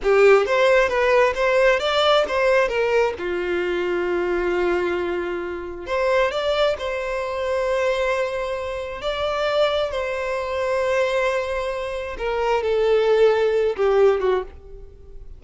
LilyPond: \new Staff \with { instrumentName = "violin" } { \time 4/4 \tempo 4 = 133 g'4 c''4 b'4 c''4 | d''4 c''4 ais'4 f'4~ | f'1~ | f'4 c''4 d''4 c''4~ |
c''1 | d''2 c''2~ | c''2. ais'4 | a'2~ a'8 g'4 fis'8 | }